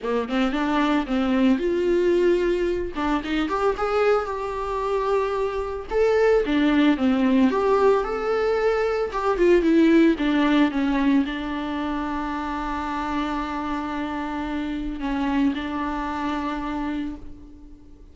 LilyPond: \new Staff \with { instrumentName = "viola" } { \time 4/4 \tempo 4 = 112 ais8 c'8 d'4 c'4 f'4~ | f'4. d'8 dis'8 g'8 gis'4 | g'2. a'4 | d'4 c'4 g'4 a'4~ |
a'4 g'8 f'8 e'4 d'4 | cis'4 d'2.~ | d'1 | cis'4 d'2. | }